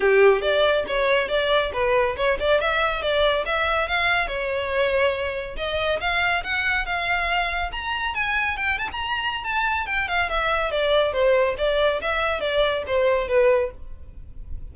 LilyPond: \new Staff \with { instrumentName = "violin" } { \time 4/4 \tempo 4 = 140 g'4 d''4 cis''4 d''4 | b'4 cis''8 d''8 e''4 d''4 | e''4 f''4 cis''2~ | cis''4 dis''4 f''4 fis''4 |
f''2 ais''4 gis''4 | g''8 a''16 ais''4~ ais''16 a''4 g''8 f''8 | e''4 d''4 c''4 d''4 | e''4 d''4 c''4 b'4 | }